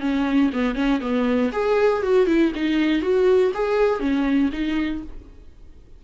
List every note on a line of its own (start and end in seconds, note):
0.00 0.50 C#4
0.53 0.75 B3
0.75 1.00 C#4
1.00 1.51 B3
1.52 2.02 G#4
2.02 2.27 F#4
2.27 2.52 E4
2.55 3.02 D#4
3.02 3.52 F#4
3.54 4.00 G#4
4.00 4.50 C#4
4.52 5.02 D#4